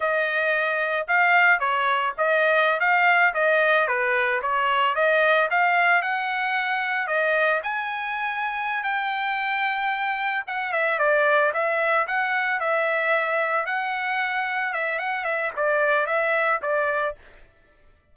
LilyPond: \new Staff \with { instrumentName = "trumpet" } { \time 4/4 \tempo 4 = 112 dis''2 f''4 cis''4 | dis''4~ dis''16 f''4 dis''4 b'8.~ | b'16 cis''4 dis''4 f''4 fis''8.~ | fis''4~ fis''16 dis''4 gis''4.~ gis''16~ |
gis''8 g''2. fis''8 | e''8 d''4 e''4 fis''4 e''8~ | e''4. fis''2 e''8 | fis''8 e''8 d''4 e''4 d''4 | }